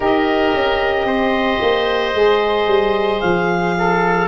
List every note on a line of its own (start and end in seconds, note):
0.00 0.54 D#4
0.00 2.13 G4
0.00 1.06 A#4
0.00 3.20 D#5
0.54 1.04 C#4
1.04 1.58 C4
1.04 3.74 C5
1.61 2.14 A#3
2.13 2.67 G#3
2.13 4.27 G#4
2.67 3.20 G3
3.20 4.27 F3
3.20 4.27 F5
3.77 4.27 A4